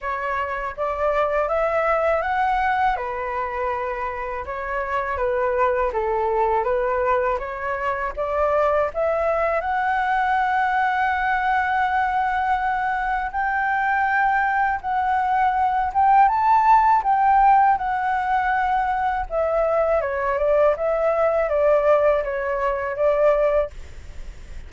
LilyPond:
\new Staff \with { instrumentName = "flute" } { \time 4/4 \tempo 4 = 81 cis''4 d''4 e''4 fis''4 | b'2 cis''4 b'4 | a'4 b'4 cis''4 d''4 | e''4 fis''2.~ |
fis''2 g''2 | fis''4. g''8 a''4 g''4 | fis''2 e''4 cis''8 d''8 | e''4 d''4 cis''4 d''4 | }